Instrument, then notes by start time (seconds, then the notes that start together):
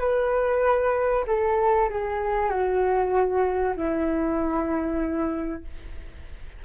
flute
0.00 B4
1.28 A4
1.90 G#4
2.50 F#4
3.77 E4